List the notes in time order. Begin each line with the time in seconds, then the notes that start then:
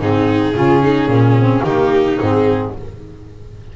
0.00 G#2 C4 D#4 G#4
0.53 C#3 C#4 F4
0.83 D#4
1.07 A#2 C#4
1.38 C4
1.64 D#3 A#3 D#4 G4
2.19 G#2 C4 G#4